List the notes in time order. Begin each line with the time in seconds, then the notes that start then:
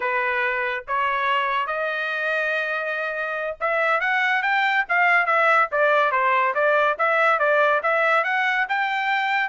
0.00 B4
0.87 C#5
1.66 D#5
3.60 E5
4.00 F#5
4.42 G5
4.89 F5
5.26 E5
5.71 D5
6.11 C5
6.54 D5
6.98 E5
7.39 D5
7.83 E5
8.24 F#5
8.69 G5